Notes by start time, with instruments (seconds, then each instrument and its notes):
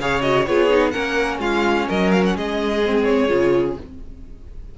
0.00 cello C#3, viola G#4, violin C#5 F5
0.22 viola F#4, violin D#5
0.47 cello B3, viola F4, violin G#4 C#5
0.70 viola D#4
0.91 cello A#3, viola C#4, violin A#4 F#5
1.40 cello G#3, violin F4 F5
1.88 cello F#3, violin A#4 D#5
2.12 violin F5
2.25 violin F#5
2.36 cello G#3, violin G#4 D#5
2.86 viola C4
3.04 violin C#5
3.29 cello C#3, viola F4